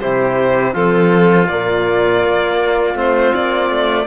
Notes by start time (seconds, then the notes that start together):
0.00 C3 E4 G4 C5
0.74 F3 C4 F4 A4
1.48 A#2 A#3 D5
2.25 A#3
2.94 A3 C4 C5
3.34 A#3 D5
3.70 A3